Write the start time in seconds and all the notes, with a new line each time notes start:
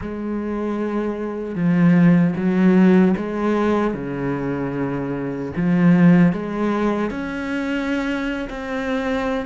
0.01 G#3
1.55 F3
2.35 F#3
3.16 G#3
3.94 C#3
5.56 F3
6.32 G#3
7.10 C#4
8.49 C4